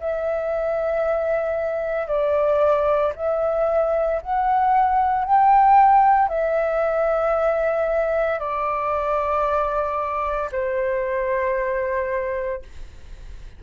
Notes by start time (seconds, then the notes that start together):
0.00 E5
2.08 D5
3.16 E5
4.22 F#5
5.25 G5
6.29 E5
8.40 D5
10.52 C5